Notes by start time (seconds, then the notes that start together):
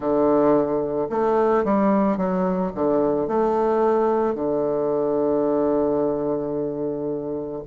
0.00 D3
1.09 A3
1.64 G3
2.17 F#3
2.74 D3
3.27 A3
4.34 D3